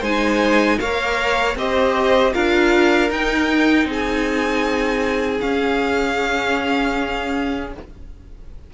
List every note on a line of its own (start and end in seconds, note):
0.00 0.78 G#3
0.00 0.80 D#4
0.00 0.77 C5
0.00 0.79 G#5
0.79 1.56 A#3
0.79 1.57 A#4
0.79 1.58 C#5
0.79 1.56 F5
1.56 2.33 C4
1.56 2.33 G4
1.56 2.33 C5
1.56 2.33 D#5
2.33 3.09 D4
2.33 3.10 F4
2.33 3.87 A#4
2.33 3.10 F5
3.09 3.85 D#4
3.09 5.41 D#4
3.09 3.89 G5
3.85 5.39 C4
3.85 7.74 G#4
3.92 5.40 G#5
5.40 7.71 C#4
5.40 7.73 C#4
5.40 7.71 F5